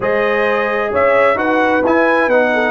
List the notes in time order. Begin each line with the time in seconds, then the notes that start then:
0.00 G#3 G#4 C5 D#5
0.91 C#4 C#5 E5
1.34 D#4 F#4 B4 F#5
1.83 E4 G#5
2.27 B3 D#4 F#5
2.53 A4